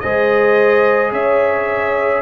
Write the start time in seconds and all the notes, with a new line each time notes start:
0.00 G#3 G#4 C5 D#5
1.12 C#4 C#5 E5